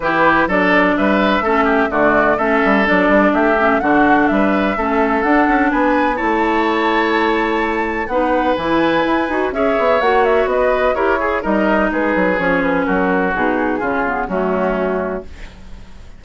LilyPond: <<
  \new Staff \with { instrumentName = "flute" } { \time 4/4 \tempo 4 = 126 b'4 d''4 e''2 | d''4 e''4 d''4 e''4 | fis''4 e''2 fis''4 | gis''4 a''2.~ |
a''4 fis''4 gis''2 | e''4 fis''8 e''8 dis''4 cis''4 | dis''4 b'4 cis''8 b'8 ais'4 | gis'2 fis'2 | }
  \new Staff \with { instrumentName = "oboe" } { \time 4/4 g'4 a'4 b'4 a'8 g'8 | fis'4 a'2 g'4 | fis'4 b'4 a'2 | b'4 cis''2.~ |
cis''4 b'2. | cis''2 b'4 ais'8 gis'8 | ais'4 gis'2 fis'4~ | fis'4 f'4 cis'2 | }
  \new Staff \with { instrumentName = "clarinet" } { \time 4/4 e'4 d'2 cis'4 | a4 cis'4 d'4. cis'8 | d'2 cis'4 d'4~ | d'4 e'2.~ |
e'4 dis'4 e'4. fis'8 | gis'4 fis'2 g'8 gis'8 | dis'2 cis'2 | dis'4 cis'8 b8 a2 | }
  \new Staff \with { instrumentName = "bassoon" } { \time 4/4 e4 fis4 g4 a4 | d4 a8 g8 fis8 g8 a4 | d4 g4 a4 d'8 cis'8 | b4 a2.~ |
a4 b4 e4 e'8 dis'8 | cis'8 b8 ais4 b4 e'4 | g4 gis8 fis8 f4 fis4 | b,4 cis4 fis2 | }
>>